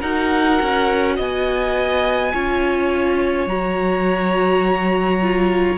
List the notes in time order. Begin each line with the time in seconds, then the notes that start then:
0.00 D#4 F#4 A#4 F#5
0.62 C#4
1.16 B3 D#5 G#5
2.33 C#4 F4 C#5
3.46 F#3 F#4 A#5
5.22 F4